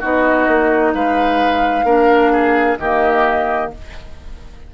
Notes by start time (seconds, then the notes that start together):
0.00 B3 D#4 F#4 D#5
0.48 A#3
0.94 G#3 B4 F5
1.84 A#3 D4 A#4
2.32 G#4
2.78 D#3 A#3 G4 D#5